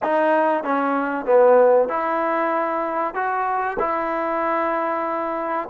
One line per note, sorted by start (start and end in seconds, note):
0.02 0.63 D#4
0.63 1.25 C#4
1.25 1.88 B3
1.88 3.14 E4
3.14 3.77 F#4
3.79 5.68 E4